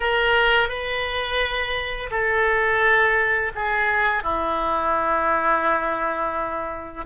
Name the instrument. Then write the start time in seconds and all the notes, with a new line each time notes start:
oboe
0.00 A#4
0.69 B4
2.10 A4
3.55 G#4
4.23 E4